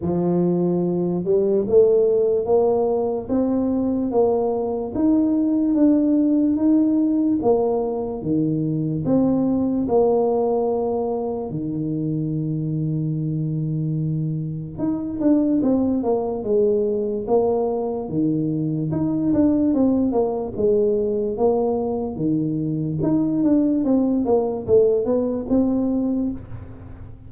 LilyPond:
\new Staff \with { instrumentName = "tuba" } { \time 4/4 \tempo 4 = 73 f4. g8 a4 ais4 | c'4 ais4 dis'4 d'4 | dis'4 ais4 dis4 c'4 | ais2 dis2~ |
dis2 dis'8 d'8 c'8 ais8 | gis4 ais4 dis4 dis'8 d'8 | c'8 ais8 gis4 ais4 dis4 | dis'8 d'8 c'8 ais8 a8 b8 c'4 | }